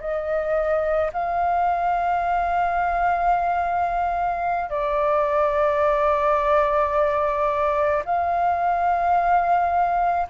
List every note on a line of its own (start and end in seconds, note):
0.00 1.11 D#5
1.13 4.69 F5
4.69 8.03 D5
8.05 10.27 F5